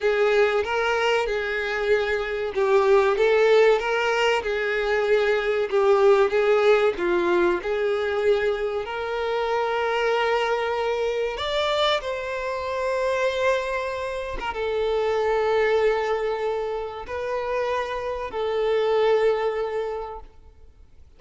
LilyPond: \new Staff \with { instrumentName = "violin" } { \time 4/4 \tempo 4 = 95 gis'4 ais'4 gis'2 | g'4 a'4 ais'4 gis'4~ | gis'4 g'4 gis'4 f'4 | gis'2 ais'2~ |
ais'2 d''4 c''4~ | c''2~ c''8. ais'16 a'4~ | a'2. b'4~ | b'4 a'2. | }